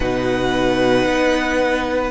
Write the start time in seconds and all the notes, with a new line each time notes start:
0.00 B2 D#4 B4 F#5
1.05 B3